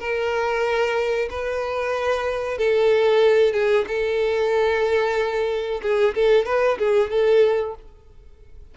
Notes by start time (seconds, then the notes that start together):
0.00 A#4
1.30 B4
2.58 A4
3.53 G#4
3.88 A4
5.82 G#4
6.15 A4
6.46 B4
6.79 G#4
7.11 A4